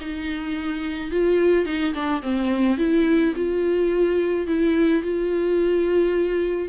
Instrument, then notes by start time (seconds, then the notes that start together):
viola
0.00 D#4
1.10 F4
1.65 D#4
1.93 D4
2.22 C4
2.77 E4
3.35 F4
4.47 E4
5.02 F4